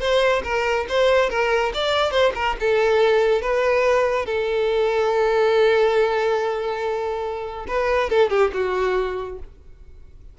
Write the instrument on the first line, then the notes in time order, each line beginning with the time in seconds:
violin
0.00 C5
0.44 A#4
0.89 C5
1.30 A#4
1.74 D5
2.11 C5
2.35 A#4
2.60 A4
3.42 B4
4.26 A4
7.68 B4
8.10 A4
8.30 G4
8.54 F#4